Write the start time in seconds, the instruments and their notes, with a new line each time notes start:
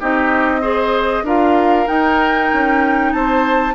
0.00 bassoon C4, clarinet D#4, oboe G4, flute D#5
0.61 clarinet G#4, oboe C5
1.23 bassoon D4, clarinet F4, oboe A#4, flute F5
1.86 clarinet D#4, bassoon D#4, flute G5
2.52 bassoon C#4
3.12 bassoon C4, oboe C5, flute A5